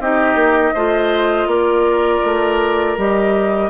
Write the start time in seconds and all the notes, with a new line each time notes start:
0.00 C4 D#4 G4 D#5
0.35 A#3
0.74 A3 F4 C5
1.47 A#3 A#4 D5
2.24 A3
2.98 G3 G4 D#5